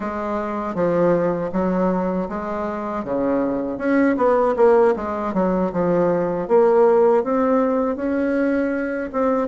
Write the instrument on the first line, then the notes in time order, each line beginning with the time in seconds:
bassoon
0.00 G#3
0.74 F3
1.52 F#3
2.29 G#3
3.04 C#3
3.78 C#4
4.16 B3
4.56 A#3
4.95 G#3
5.33 F#3
5.72 F3
6.48 A#3
7.23 C4
7.96 C#4
9.12 C4